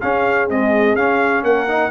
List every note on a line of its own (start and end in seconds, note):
0.00 0.49 C#4
0.00 0.50 C#4
0.00 1.44 G#4
0.00 0.48 F5
0.49 0.97 G#3
0.49 0.95 C4
0.49 0.96 D#5
0.95 1.43 C#4
0.95 1.68 C#4
0.95 1.44 F5
1.43 1.90 A#3
1.43 1.90 A#4
1.43 1.90 F#5
1.68 1.90 D#4